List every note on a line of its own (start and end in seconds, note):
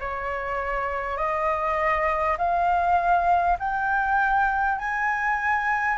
0.00 1.17 C#5
1.17 2.37 D#5
2.38 3.58 F5
3.59 4.79 G5
4.79 5.98 G#5